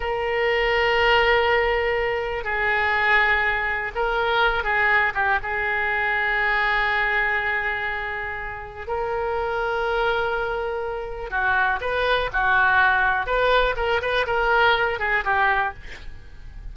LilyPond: \new Staff \with { instrumentName = "oboe" } { \time 4/4 \tempo 4 = 122 ais'1~ | ais'4 gis'2. | ais'4. gis'4 g'8 gis'4~ | gis'1~ |
gis'2 ais'2~ | ais'2. fis'4 | b'4 fis'2 b'4 | ais'8 b'8 ais'4. gis'8 g'4 | }